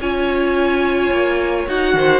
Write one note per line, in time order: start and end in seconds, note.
0.00 1.11 C#4
0.00 1.67 F4
0.00 1.96 C#5
0.00 1.67 G#5
1.11 1.67 A#3
1.67 1.94 D#4
1.67 2.20 F#4
1.67 2.20 F#5
1.94 2.20 D#3
1.94 2.20 C5